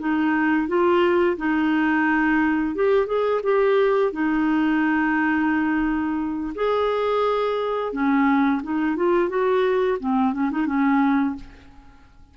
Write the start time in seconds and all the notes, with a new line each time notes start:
0.00 D#4
0.68 F4
1.38 D#4
2.75 G4
3.07 G#4
3.44 G4
4.13 D#4
6.55 G#4
7.93 C#4
8.63 D#4
8.97 F4
9.29 F#4
10.00 C4
10.34 C#4
10.51 D#4
10.67 C#4